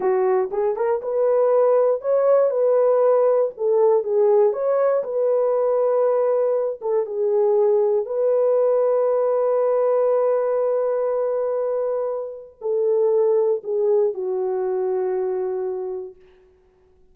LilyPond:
\new Staff \with { instrumentName = "horn" } { \time 4/4 \tempo 4 = 119 fis'4 gis'8 ais'8 b'2 | cis''4 b'2 a'4 | gis'4 cis''4 b'2~ | b'4. a'8 gis'2 |
b'1~ | b'1~ | b'4 a'2 gis'4 | fis'1 | }